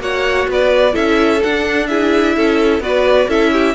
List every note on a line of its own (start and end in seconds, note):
0.00 0.47 A#3
0.00 0.93 F#4
0.00 0.50 C#5
0.00 0.50 F#5
0.48 0.95 B3
0.48 0.94 B4
0.48 0.96 D5
0.93 1.43 C#4
0.93 1.40 E4
0.93 1.87 A4
0.93 1.43 E5
1.44 1.89 D4
1.44 2.37 D4
1.44 1.88 F#5
1.88 2.82 E4
1.88 2.36 G#4
1.88 2.81 E5
2.37 2.81 C#4
2.37 2.83 A4
2.81 3.27 B3
2.81 3.29 F#4
2.81 3.29 B4
2.81 3.30 D5
3.29 3.75 C#4
3.29 3.75 E4
3.29 3.52 A4
3.29 3.75 E5
3.53 3.75 G4